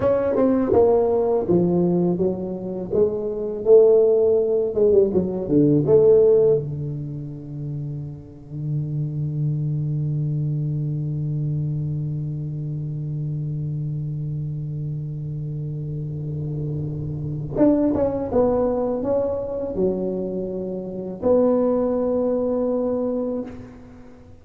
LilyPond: \new Staff \with { instrumentName = "tuba" } { \time 4/4 \tempo 4 = 82 cis'8 c'8 ais4 f4 fis4 | gis4 a4. gis16 g16 fis8 d8 | a4 d2.~ | d1~ |
d1~ | d1 | d'8 cis'8 b4 cis'4 fis4~ | fis4 b2. | }